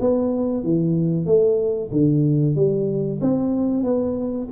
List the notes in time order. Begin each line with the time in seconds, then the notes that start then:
0.00 B3
0.63 E3
1.26 A3
1.91 D3
2.55 G3
3.21 C4
3.83 B3